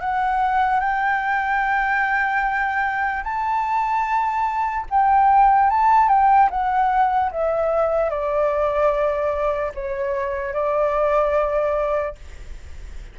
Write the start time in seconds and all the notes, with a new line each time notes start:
0.00 F#5
0.80 G5
3.23 A5
4.90 G5
5.70 A5
6.08 G5
6.50 F#5
7.31 E5
8.09 D5
9.74 C#5
10.53 D5